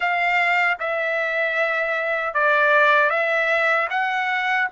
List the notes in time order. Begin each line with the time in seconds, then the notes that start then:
0.00 F5
0.79 E5
2.34 D5
3.10 E5
3.90 F#5